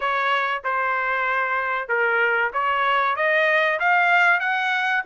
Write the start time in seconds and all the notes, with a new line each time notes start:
0.00 C#5
0.63 C5
1.88 A#4
2.53 C#5
3.16 D#5
3.79 F5
4.40 F#5